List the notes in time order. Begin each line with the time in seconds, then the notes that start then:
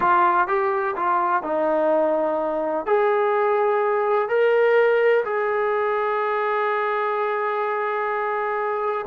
0.00 F4
0.47 G4
0.95 F4
1.43 D#4
2.86 G#4
4.29 A#4
5.24 G#4